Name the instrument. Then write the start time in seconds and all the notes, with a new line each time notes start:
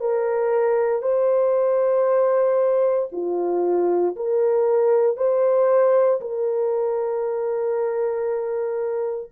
horn
0.00 A#4
1.02 C5
3.12 F4
4.16 A#4
5.17 C5
6.21 A#4